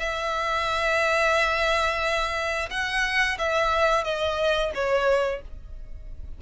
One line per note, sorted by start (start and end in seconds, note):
0.00 2.70 E5
2.71 3.38 F#5
3.39 4.05 E5
4.05 4.72 D#5
4.75 5.42 C#5